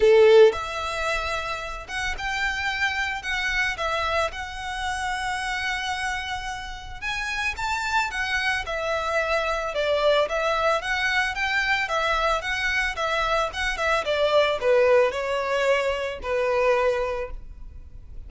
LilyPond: \new Staff \with { instrumentName = "violin" } { \time 4/4 \tempo 4 = 111 a'4 e''2~ e''8 fis''8 | g''2 fis''4 e''4 | fis''1~ | fis''4 gis''4 a''4 fis''4 |
e''2 d''4 e''4 | fis''4 g''4 e''4 fis''4 | e''4 fis''8 e''8 d''4 b'4 | cis''2 b'2 | }